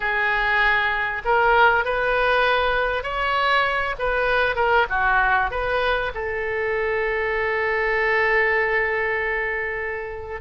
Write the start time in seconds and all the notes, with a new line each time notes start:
0.00 G#4
1.24 A#4
1.85 B4
3.03 C#5
3.98 B4
4.55 A#4
4.89 F#4
5.50 B4
6.14 A4